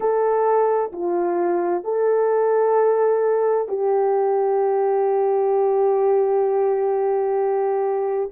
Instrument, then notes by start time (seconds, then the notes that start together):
horn
0.00 A4
0.92 F4
1.84 A4
3.68 G4